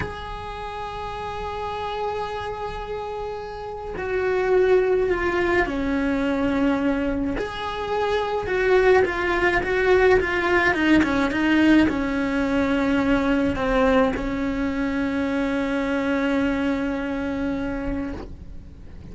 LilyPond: \new Staff \with { instrumentName = "cello" } { \time 4/4 \tempo 4 = 106 gis'1~ | gis'2. fis'4~ | fis'4 f'4 cis'2~ | cis'4 gis'2 fis'4 |
f'4 fis'4 f'4 dis'8 cis'8 | dis'4 cis'2. | c'4 cis'2.~ | cis'1 | }